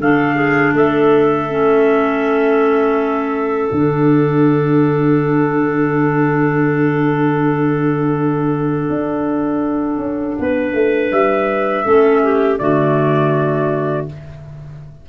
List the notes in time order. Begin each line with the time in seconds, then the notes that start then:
0.00 D3 D4 A4 F5
0.36 G#4
0.73 A3 A4 E5
1.50 C#4
3.70 D3 D4 F#5
8.90 D4
9.98 C#4
10.39 B3 B4
10.73 A3
11.12 G3 E5
11.85 A3 C#4 A4
12.23 G4
12.59 D3 A3 F#4 D5